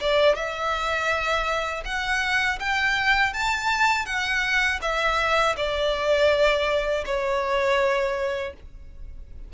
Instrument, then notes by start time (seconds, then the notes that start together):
violin
0.00 D5
0.35 E5
1.85 F#5
2.59 G5
3.33 A5
4.05 F#5
4.81 E5
5.56 D5
7.05 C#5